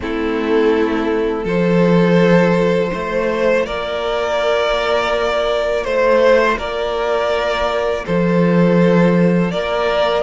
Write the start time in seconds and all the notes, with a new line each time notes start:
0.00 A3 C4 E4 A4
1.44 F3 F4 A4 C5
2.93 A3 C5
3.66 A#3 A#4 D5
5.84 A3 C5
6.57 A#3 A#4 D5
8.05 F3 A4 C5
9.51 A#3 A#4 D5